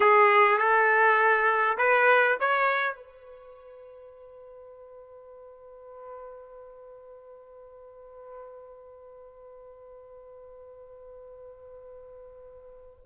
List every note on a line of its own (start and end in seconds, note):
0.00 0.58 G#4
0.58 1.77 A4
1.77 2.37 B4
2.40 2.95 C#5
2.95 13.04 B4